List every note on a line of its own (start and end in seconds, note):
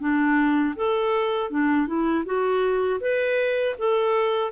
0.00 0.75 D4
0.76 1.51 A4
1.51 1.87 D4
1.87 2.25 E4
2.26 3.01 F#4
3.01 3.76 B4
3.79 4.52 A4